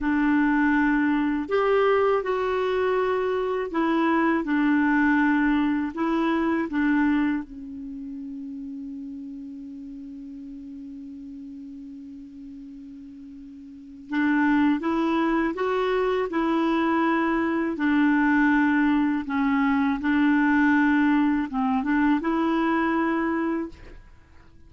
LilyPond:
\new Staff \with { instrumentName = "clarinet" } { \time 4/4 \tempo 4 = 81 d'2 g'4 fis'4~ | fis'4 e'4 d'2 | e'4 d'4 cis'2~ | cis'1~ |
cis'2. d'4 | e'4 fis'4 e'2 | d'2 cis'4 d'4~ | d'4 c'8 d'8 e'2 | }